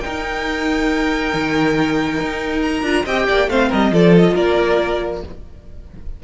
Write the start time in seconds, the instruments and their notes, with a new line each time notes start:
0.00 viola D#4, cello D#4, violin A#4 G5
1.33 cello D#3
2.20 cello D#4
2.62 violin A#5
2.82 cello D4, viola F4
3.04 cello C4, viola G4, violin D#5 G5
3.27 cello A#3, violin D5
3.48 cello A3, viola C4, violin C5 F5
3.69 cello G3, violin A#4 D#5
3.90 cello F3, viola F4, violin A4 D5
4.16 violin D#5
4.34 cello A#3, violin A#4 D5